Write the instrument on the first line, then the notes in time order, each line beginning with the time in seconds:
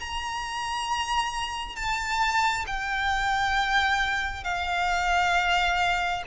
violin
0.00 A#5
1.75 A5
2.67 G5
4.44 F5